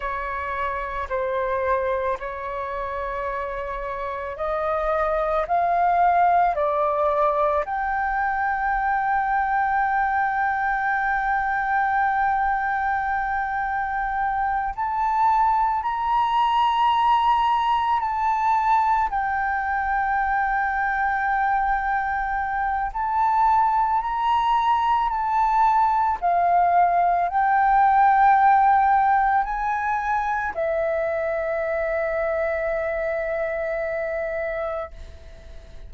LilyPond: \new Staff \with { instrumentName = "flute" } { \time 4/4 \tempo 4 = 55 cis''4 c''4 cis''2 | dis''4 f''4 d''4 g''4~ | g''1~ | g''4. a''4 ais''4.~ |
ais''8 a''4 g''2~ g''8~ | g''4 a''4 ais''4 a''4 | f''4 g''2 gis''4 | e''1 | }